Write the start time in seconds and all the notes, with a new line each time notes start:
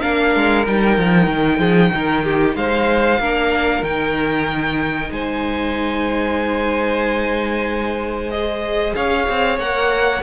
0.00 A#3 D4 A#4 F5
0.35 G#3
0.66 G3 D#4 G5
0.97 F3
1.27 D#3
1.58 F3 G#4
1.93 D#3 A#4
2.23 G4
2.55 G#3 C5 F5
3.19 A#3 D4 A#4
3.82 D#3 D#4 G5
5.10 G#3 C5 G#5
8.30 G#4 D#5
8.95 C#4 C#5 F5
9.28 C4
9.58 A#3 A#4 F#5